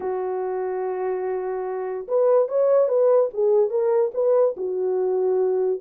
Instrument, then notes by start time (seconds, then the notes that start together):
horn
0.00 F#4
2.07 B4
2.48 C#5
2.88 B4
3.33 G#4
3.70 A#4
4.14 B4
4.56 F#4